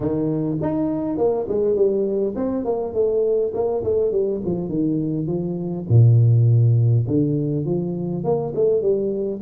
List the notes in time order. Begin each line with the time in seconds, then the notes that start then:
0.00 D#3
0.61 D#4
1.17 A#3
1.48 G#3
1.75 G3
2.35 C4
2.64 A#3
2.93 A3
3.54 A#3
3.83 A3
4.11 G3
4.45 F3
4.68 D#3
5.26 F3
5.88 A#2
7.07 D3
7.65 F3
8.24 A#3
8.55 A3
8.81 G3